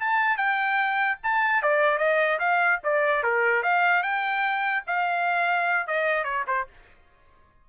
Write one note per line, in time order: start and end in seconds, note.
0.00 0.38 A5
0.38 1.19 G5
1.24 1.63 A5
1.63 1.99 D5
1.99 2.39 D#5
2.40 2.80 F5
2.84 3.24 D5
3.24 3.63 A#4
3.63 4.03 F5
4.03 4.84 G5
4.87 5.88 F5
5.88 6.25 D#5
6.25 6.45 C#5
6.48 6.68 C5